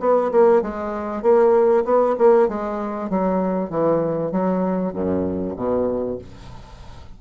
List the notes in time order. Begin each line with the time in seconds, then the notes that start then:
0.00 B3
0.31 A#3
0.62 G#3
1.22 A#3
1.85 B3
2.18 A#3
2.48 G#3
3.10 F#3
3.70 E3
4.32 F#3
4.93 F#2
5.56 B2